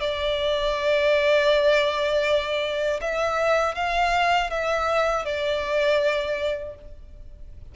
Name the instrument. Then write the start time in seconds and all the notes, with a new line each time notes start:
violin
0.00 D5
3.01 E5
3.75 F5
4.50 E5
5.25 D5